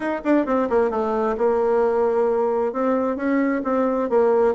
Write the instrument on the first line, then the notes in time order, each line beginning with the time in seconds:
bassoon
0.00 D#4
0.24 D4
0.45 C4
0.69 A#3
0.90 A3
1.37 A#3
2.72 C4
3.16 C#4
3.64 C4
4.09 A#3